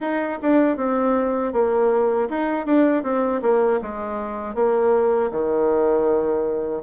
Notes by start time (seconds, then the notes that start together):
0.00 D#4
0.41 D4
0.76 C4
1.52 A#3
2.29 D#4
2.66 D4
3.03 C4
3.42 A#3
3.81 G#3
4.55 A#3
5.31 D#3